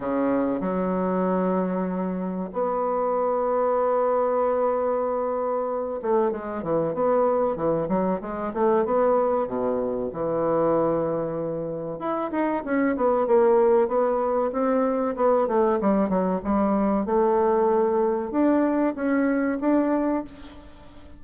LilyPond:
\new Staff \with { instrumentName = "bassoon" } { \time 4/4 \tempo 4 = 95 cis4 fis2. | b1~ | b4. a8 gis8 e8 b4 | e8 fis8 gis8 a8 b4 b,4 |
e2. e'8 dis'8 | cis'8 b8 ais4 b4 c'4 | b8 a8 g8 fis8 g4 a4~ | a4 d'4 cis'4 d'4 | }